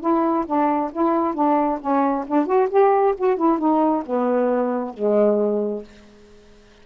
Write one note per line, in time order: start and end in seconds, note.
0.00 0.45 E4
0.46 0.91 D4
0.92 1.34 E4
1.34 1.78 D4
1.80 2.25 C#4
2.27 2.46 D4
2.46 2.68 F#4
2.70 3.14 G4
3.17 3.36 F#4
3.36 3.58 E4
3.58 4.03 D#4
4.06 4.94 B3
4.94 5.83 G#3